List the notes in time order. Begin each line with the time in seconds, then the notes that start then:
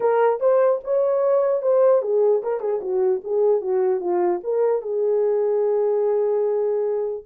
0.00 A#4
0.39 C5
0.84 C#5
1.62 C5
2.02 G#4
2.42 A#4
2.60 G#4
2.81 F#4
3.23 G#4
3.61 F#4
4.00 F4
4.43 A#4
4.82 G#4